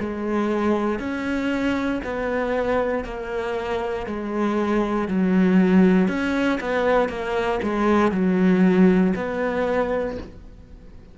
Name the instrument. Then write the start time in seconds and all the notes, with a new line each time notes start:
cello
0.00 G#3
0.99 C#4
2.04 B3
3.05 A#3
4.07 G#3
5.08 F#3
6.08 C#4
6.61 B3
7.09 A#3
7.63 G#3
8.12 F#3
9.16 B3